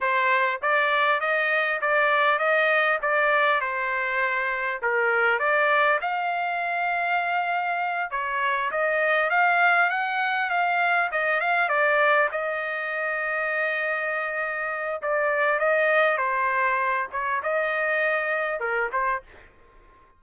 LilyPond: \new Staff \with { instrumentName = "trumpet" } { \time 4/4 \tempo 4 = 100 c''4 d''4 dis''4 d''4 | dis''4 d''4 c''2 | ais'4 d''4 f''2~ | f''4. cis''4 dis''4 f''8~ |
f''8 fis''4 f''4 dis''8 f''8 d''8~ | d''8 dis''2.~ dis''8~ | dis''4 d''4 dis''4 c''4~ | c''8 cis''8 dis''2 ais'8 c''8 | }